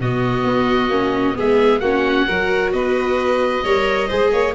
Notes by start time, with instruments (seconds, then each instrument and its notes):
0.00 tuba B2, viola B3, violin F#4, oboe D#5
0.44 tuba B3
0.89 tuba A#3, viola C#4
1.34 tuba G#3, viola B3, violin G#4, oboe E5
1.80 tuba A#3, viola C#4, violin F#4, oboe F#5
2.27 tuba F#3, viola F#4, violin A#4
2.72 tuba B3, violin B4, oboe D#5
3.63 tuba G3, viola A#4, violin C#5
4.08 tuba G#3, viola G#4, violin C5
4.32 tuba A#3, violin C#5